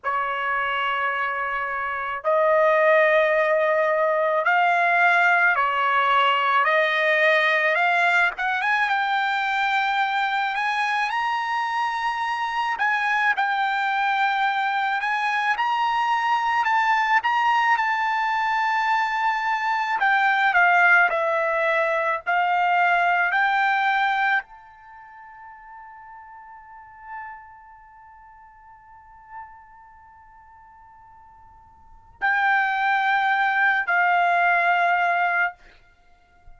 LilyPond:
\new Staff \with { instrumentName = "trumpet" } { \time 4/4 \tempo 4 = 54 cis''2 dis''2 | f''4 cis''4 dis''4 f''8 fis''16 gis''16 | g''4. gis''8 ais''4. gis''8 | g''4. gis''8 ais''4 a''8 ais''8 |
a''2 g''8 f''8 e''4 | f''4 g''4 a''2~ | a''1~ | a''4 g''4. f''4. | }